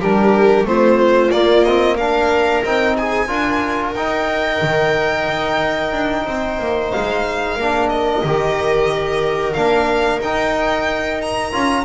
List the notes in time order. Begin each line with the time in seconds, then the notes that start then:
0.00 G3 D4 G4 A#4
0.64 A3 C4 F4 C5
1.31 A#3 D5
1.64 C4 D#5
1.96 D4 A#4 F5
2.65 C4 D#4 G5
2.96 G#4 G#5
3.28 D4 F4 A#4
3.95 D#4 G5
4.62 D#3
5.28 D#4
5.93 D4
6.26 C4 C5
6.59 A#3
6.91 G#3 F5
7.56 A#3 D4 A#4
7.89 D#5
8.24 D#3 G4
9.53 A#3 D4 F5
10.20 D#4 G5
11.21 A#5
11.52 C#4 F4